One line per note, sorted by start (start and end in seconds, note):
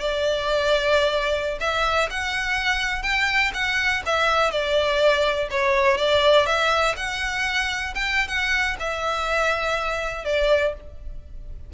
0.00 1.59 D5
1.61 2.09 E5
2.10 3.03 F#5
3.03 3.51 G5
3.54 4.03 F#5
4.06 4.51 E5
4.51 5.49 D5
5.51 5.98 C#5
5.98 6.46 D5
6.46 6.95 E5
6.97 7.94 F#5
7.95 8.28 G5
8.28 8.77 F#5
8.79 10.25 E5
10.25 10.74 D5